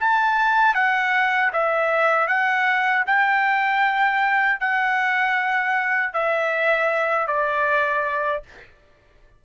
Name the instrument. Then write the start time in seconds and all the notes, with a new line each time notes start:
trumpet
0.00 A5
0.74 F#5
1.53 E5
2.28 F#5
3.07 G5
4.60 F#5
6.13 E5
7.27 D5